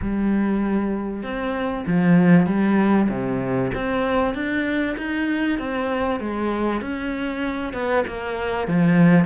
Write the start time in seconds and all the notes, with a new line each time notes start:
0.01 G3
1.23 C4
1.86 F3
2.46 G3
3.09 C3
3.74 C4
4.34 D4
4.97 D#4
5.58 C4
6.20 G#3
6.81 C#4
7.73 B3
8.07 A#3
8.67 F3